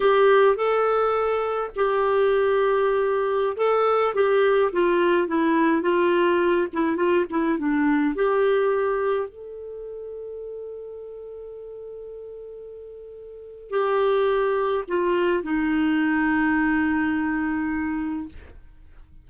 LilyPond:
\new Staff \with { instrumentName = "clarinet" } { \time 4/4 \tempo 4 = 105 g'4 a'2 g'4~ | g'2~ g'16 a'4 g'8.~ | g'16 f'4 e'4 f'4. e'16~ | e'16 f'8 e'8 d'4 g'4.~ g'16~ |
g'16 a'2.~ a'8.~ | a'1 | g'2 f'4 dis'4~ | dis'1 | }